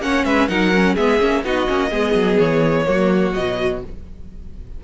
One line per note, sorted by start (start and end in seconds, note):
0.00 0.24 A#3
0.00 0.49 C#4
0.00 0.26 C#5
0.00 0.25 F#5
0.25 0.49 G#3
0.25 0.50 B4
0.25 0.48 E5
0.48 0.97 F#3
0.48 0.72 D#4
0.48 0.95 A#4
0.48 0.96 F#5
0.75 0.98 C#4
0.95 1.20 G#3
0.95 1.19 B3
0.95 1.42 G#4
0.95 1.44 E5
1.19 1.44 A#3
1.19 1.43 C#4
1.44 1.68 B3
1.44 1.67 D#4
1.44 1.90 F#4
1.44 2.40 D#5
1.67 1.92 A#3
1.67 1.91 C#4
1.90 2.14 G#3
1.90 2.86 B3
1.90 2.86 G#4
2.14 2.38 F#3
2.39 2.87 E3
2.39 3.34 C#5
2.86 3.35 F#3
2.86 3.34 A#3
2.86 3.84 F#4
3.34 3.83 B2
3.34 3.81 F#3
3.34 3.81 D#5